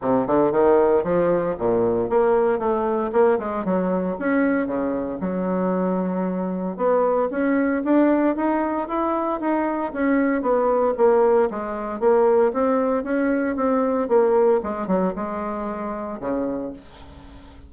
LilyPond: \new Staff \with { instrumentName = "bassoon" } { \time 4/4 \tempo 4 = 115 c8 d8 dis4 f4 ais,4 | ais4 a4 ais8 gis8 fis4 | cis'4 cis4 fis2~ | fis4 b4 cis'4 d'4 |
dis'4 e'4 dis'4 cis'4 | b4 ais4 gis4 ais4 | c'4 cis'4 c'4 ais4 | gis8 fis8 gis2 cis4 | }